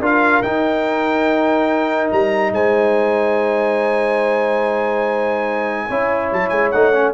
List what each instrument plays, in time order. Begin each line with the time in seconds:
0.00 tuba D4, trombone F4, horn A#4, trumpet F5
0.42 tuba D#4, trombone D#4, trumpet G5
2.11 tuba G3, trumpet A#5
2.51 tuba G#3, horn C5, trumpet G#5
5.88 tuba C#4, trombone E4, horn C#5
6.32 tuba F#3, trumpet A5
6.49 tuba G#3, trumpet G#5
6.71 tuba A3, trombone D#4, trumpet F#5
6.93 trombone C#4